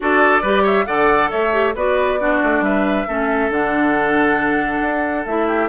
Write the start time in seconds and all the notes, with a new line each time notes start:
0.00 D4 F#4 A4 D5
0.42 G3 G4 B4
0.62 C#5 E5
0.86 D3 A4 D5 F#5
1.30 A3 C#5 E5
1.52 G4
1.75 B3 F#4 B4 D5
2.19 D4 F#4
2.43 A3
2.60 G3 B4 E5
3.07 A3 C#4 A4
3.49 D3 D4 F#5
4.81 D4
5.26 A3 E4 E5
5.47 G4